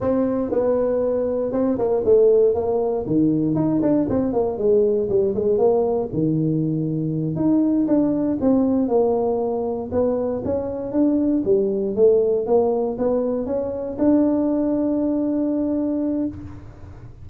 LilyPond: \new Staff \with { instrumentName = "tuba" } { \time 4/4 \tempo 4 = 118 c'4 b2 c'8 ais8 | a4 ais4 dis4 dis'8 d'8 | c'8 ais8 gis4 g8 gis8 ais4 | dis2~ dis8 dis'4 d'8~ |
d'8 c'4 ais2 b8~ | b8 cis'4 d'4 g4 a8~ | a8 ais4 b4 cis'4 d'8~ | d'1 | }